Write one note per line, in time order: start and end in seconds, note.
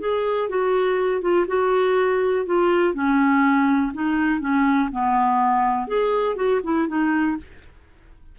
0.00 0.49 G#4
0.49 1.22 F#4
1.22 1.46 F4
1.48 2.46 F#4
2.46 2.94 F4
2.94 3.93 C#4
3.93 4.40 D#4
4.40 4.90 C#4
4.92 5.87 B3
5.87 6.36 G#4
6.36 6.61 F#4
6.64 6.88 E4
6.88 7.37 D#4